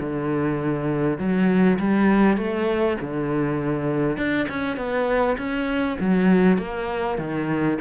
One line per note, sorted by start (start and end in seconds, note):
0.00 1.18 D3
1.18 1.78 F#3
1.79 2.37 G3
2.37 2.97 A3
3.01 4.17 D3
4.17 4.47 D4
4.49 4.77 C#4
4.77 5.37 B3
5.38 5.98 C#4
6.00 6.58 F#3
6.58 7.18 A#3
7.18 7.78 D#3